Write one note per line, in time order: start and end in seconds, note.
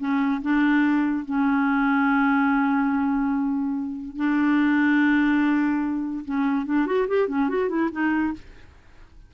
0.00 0.42 C#4
0.42 1.25 D4
1.25 4.16 C#4
4.16 6.25 D4
6.26 6.66 C#4
6.66 6.87 D4
6.87 7.07 F#4
7.08 7.28 G4
7.28 7.49 C#4
7.49 7.70 F#4
7.70 7.90 E4
7.92 8.34 D#4